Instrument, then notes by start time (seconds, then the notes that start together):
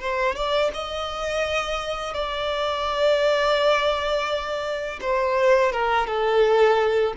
violin
0.00 C5
0.35 D5
0.74 D#5
2.14 D5
5.01 C5
5.72 A#4
6.06 A4